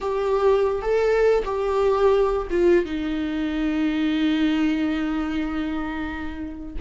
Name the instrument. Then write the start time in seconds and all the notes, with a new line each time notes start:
viola
0.01 G4
0.82 A4
1.44 G4
2.50 F4
2.85 D#4